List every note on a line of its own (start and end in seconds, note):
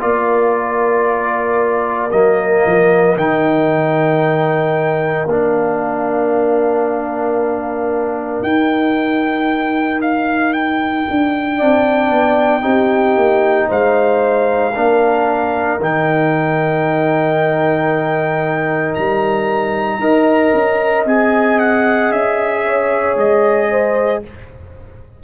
0.00 2.12 A#3
0.00 2.11 F4
0.00 11.57 A#4
0.00 2.11 D5
2.11 2.65 F#3
2.11 3.17 A#3
2.11 3.16 D#5
2.66 3.16 F3
3.16 5.26 D#3
3.16 5.28 D#4
3.16 5.28 G5
5.26 8.41 A#3
5.26 8.46 D4
5.26 8.43 F5
8.43 11.06 D#4
8.43 11.59 D#4
8.43 10.01 G5
10.02 10.53 F5
10.53 13.69 G5
11.10 11.61 D4
11.57 12.10 C4
11.57 12.61 D4
11.57 12.62 D5
12.10 12.62 B3
12.61 13.16 C4
12.61 14.72 D#4
12.61 13.68 G4
13.16 13.69 A#3
13.68 14.76 G#3
13.68 14.74 C5
13.68 15.82 F5
14.74 15.80 A#3
14.74 15.80 D4
14.74 20.00 A#4
15.80 18.96 D#3
15.80 20.01 D#4
15.80 18.95 G5
18.95 19.99 G3
18.95 21.05 A#5
19.99 20.51 D#4
19.99 21.06 A#4
19.99 22.64 D#5
20.54 21.05 C#4
21.05 22.10 C4
21.05 24.23 G#4
21.05 21.59 G#5
21.59 22.12 F#5
22.10 23.16 C#4
22.10 23.17 E5
22.66 23.71 C#5
23.17 24.22 G#3
23.17 24.23 D#5
23.71 24.23 C5